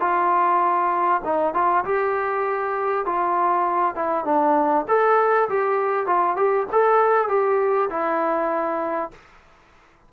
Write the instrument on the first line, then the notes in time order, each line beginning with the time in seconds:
trombone
0.00 F4
1.25 D#4
1.54 F4
1.85 G4
3.06 F4
3.95 E4
4.25 D4
4.88 A4
5.49 G4
6.06 F4
6.36 G4
6.72 A4
7.29 G4
7.90 E4